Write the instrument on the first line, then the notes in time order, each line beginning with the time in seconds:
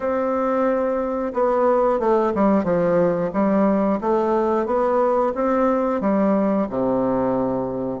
bassoon
0.00 C4
1.33 B3
1.99 A3
2.35 G3
2.64 F3
3.33 G3
4.00 A3
4.66 B3
5.35 C4
6.00 G3
6.69 C3